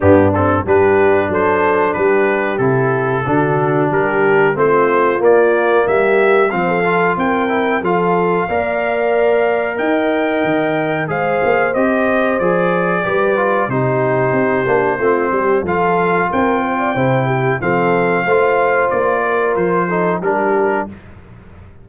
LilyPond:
<<
  \new Staff \with { instrumentName = "trumpet" } { \time 4/4 \tempo 4 = 92 g'8 a'8 b'4 c''4 b'4 | a'2 ais'4 c''4 | d''4 e''4 f''4 g''4 | f''2. g''4~ |
g''4 f''4 dis''4 d''4~ | d''4 c''2. | f''4 g''2 f''4~ | f''4 d''4 c''4 ais'4 | }
  \new Staff \with { instrumentName = "horn" } { \time 4/4 d'4 g'4 a'4 g'4~ | g'4 fis'4 g'4 f'4~ | f'4 g'4 c''16 a'8. ais'4 | a'4 d''2 dis''4~ |
dis''4 c''2. | b'4 g'2 f'8 g'8 | a'4 ais'8 c''16 d''16 c''8 g'8 a'4 | c''4. ais'4 a'8 g'4 | }
  \new Staff \with { instrumentName = "trombone" } { \time 4/4 b8 c'8 d'2. | e'4 d'2 c'4 | ais2 c'8 f'4 e'8 | f'4 ais'2.~ |
ais'4 gis'4 g'4 gis'4 | g'8 f'8 dis'4. d'8 c'4 | f'2 e'4 c'4 | f'2~ f'8 dis'8 d'4 | }
  \new Staff \with { instrumentName = "tuba" } { \time 4/4 g,4 g4 fis4 g4 | c4 d4 g4 a4 | ais4 g4 f4 c'4 | f4 ais2 dis'4 |
dis4 gis8 ais8 c'4 f4 | g4 c4 c'8 ais8 a8 g8 | f4 c'4 c4 f4 | a4 ais4 f4 g4 | }
>>